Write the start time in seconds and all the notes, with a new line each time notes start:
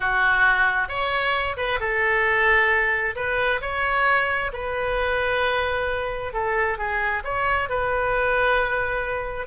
0.00 F#4
0.88 C#5
1.56 B4
1.79 A4
3.15 B4
3.61 C#5
4.52 B4
6.33 A4
6.78 G#4
7.24 C#5
7.69 B4